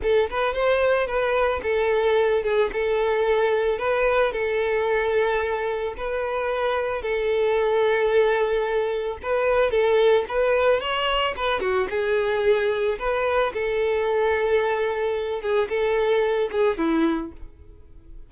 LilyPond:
\new Staff \with { instrumentName = "violin" } { \time 4/4 \tempo 4 = 111 a'8 b'8 c''4 b'4 a'4~ | a'8 gis'8 a'2 b'4 | a'2. b'4~ | b'4 a'2.~ |
a'4 b'4 a'4 b'4 | cis''4 b'8 fis'8 gis'2 | b'4 a'2.~ | a'8 gis'8 a'4. gis'8 e'4 | }